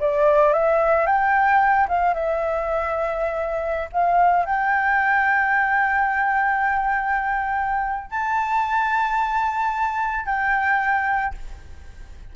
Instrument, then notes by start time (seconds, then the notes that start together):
flute
0.00 D5
0.53 E5
1.06 G5
1.88 F5
2.14 E5
3.92 F5
4.45 G5
8.10 A5
10.26 G5